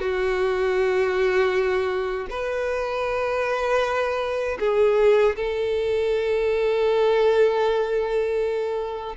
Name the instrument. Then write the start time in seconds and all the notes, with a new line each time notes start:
violin
0.00 F#4
2.30 B4
4.60 G#4
5.36 A4